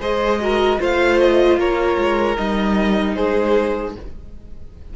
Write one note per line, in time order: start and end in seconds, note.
0.00 0.79 G#3
0.00 0.40 G#4
0.00 0.39 C5
0.00 0.81 D#5
0.41 0.80 F#4
0.41 0.81 A#4
0.80 1.58 A3
0.80 2.37 F4
0.80 1.59 C5
0.80 1.20 F5
1.20 1.59 D#5
1.58 1.98 A#3
1.58 3.15 A#4
1.58 2.38 C#5
1.98 2.38 G#3
2.37 3.17 G3
2.37 3.95 D#4
2.37 3.15 D#5
3.15 3.96 G#3
3.15 3.94 G#4
3.15 3.94 C5